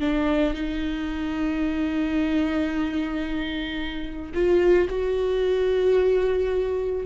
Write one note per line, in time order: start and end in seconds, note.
0.00 0.54 D4
0.54 4.32 D#4
4.34 4.88 F4
4.89 7.05 F#4